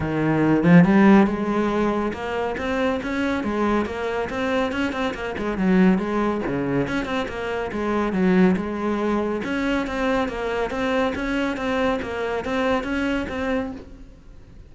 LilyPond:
\new Staff \with { instrumentName = "cello" } { \time 4/4 \tempo 4 = 140 dis4. f8 g4 gis4~ | gis4 ais4 c'4 cis'4 | gis4 ais4 c'4 cis'8 c'8 | ais8 gis8 fis4 gis4 cis4 |
cis'8 c'8 ais4 gis4 fis4 | gis2 cis'4 c'4 | ais4 c'4 cis'4 c'4 | ais4 c'4 cis'4 c'4 | }